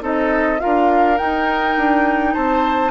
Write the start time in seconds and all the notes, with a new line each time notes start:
0.00 C4 D#4 A4 D#5
0.58 F4 A#4 F5
0.65 D4
1.17 D#4 G5
1.77 D4
2.33 C4 C5 A5